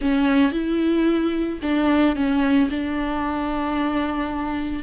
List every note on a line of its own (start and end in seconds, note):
0.01 0.52 C#4
0.52 1.59 E4
1.61 2.15 D4
2.15 2.69 C#4
2.70 4.83 D4